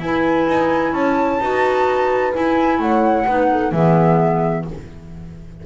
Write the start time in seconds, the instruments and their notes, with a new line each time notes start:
0.00 double bass E4, clarinet E4, horn B4, flute G#5
0.48 double bass D#4
0.93 double bass C#4, horn C#5, flute A5
1.41 double bass D#4, clarinet F#4, horn B4
2.34 clarinet E4, double bass E4, flute G#5
2.79 double bass A3, horn C#5, flute F#5
3.27 double bass B3, clarinet D#4, horn B4
3.52 horn A4
3.72 double bass E3, clarinet B3, horn G#4, flute E5